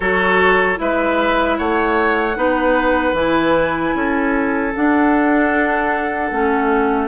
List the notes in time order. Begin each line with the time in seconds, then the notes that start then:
0.00 F#3 F#4 A4 C#5
0.75 G#3 E4 B4 E5
1.57 A3 C#5 F#5
2.36 B3 D#4 B4
3.12 E3 E4 G#5
3.94 C#4 A4
4.75 D4 F#5
6.31 A3 C#4